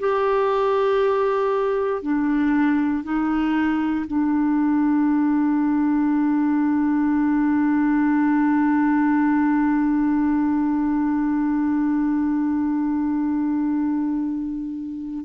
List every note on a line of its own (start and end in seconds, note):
0.00 2.02 G4
2.02 3.04 D4
3.04 4.06 D#4
4.07 15.25 D4